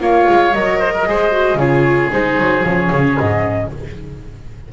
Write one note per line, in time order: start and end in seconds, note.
0.00 0.27 A#3
0.00 0.53 F4
0.00 0.80 C#5
0.00 0.54 F5
0.29 0.55 G#3
0.54 1.08 F#3
0.54 1.06 A#4
0.54 1.59 D#5
0.80 0.93 C5
0.94 1.07 A#4
1.06 1.55 G#3
1.06 1.32 G#4
1.06 1.59 C5
1.32 1.58 F#4
1.55 2.08 C#3
1.55 2.11 F4
1.55 3.70 G#4
1.55 2.12 C#5
2.11 2.37 G#3
2.11 2.64 D#4
2.11 2.66 C5
2.37 2.64 F#3
2.65 2.91 F3
2.65 3.71 C#4
2.65 3.19 C#5
2.92 3.18 C#3
3.19 3.73 G#2
3.19 3.71 D#5